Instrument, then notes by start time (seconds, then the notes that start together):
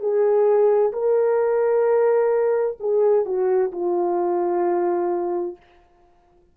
horn
0.00 G#4
0.93 A#4
2.79 G#4
3.25 F#4
3.72 F4